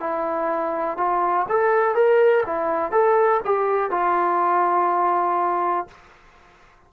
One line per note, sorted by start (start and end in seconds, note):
0.00 0.97 E4
0.97 1.46 F4
1.49 1.94 A4
1.94 2.44 A#4
2.45 2.92 E4
2.92 3.41 A4
3.45 3.91 G4
3.91 5.87 F4